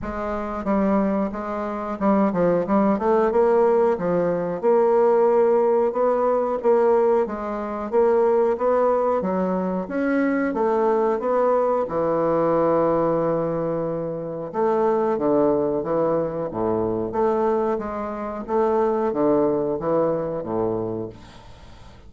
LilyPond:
\new Staff \with { instrumentName = "bassoon" } { \time 4/4 \tempo 4 = 91 gis4 g4 gis4 g8 f8 | g8 a8 ais4 f4 ais4~ | ais4 b4 ais4 gis4 | ais4 b4 fis4 cis'4 |
a4 b4 e2~ | e2 a4 d4 | e4 a,4 a4 gis4 | a4 d4 e4 a,4 | }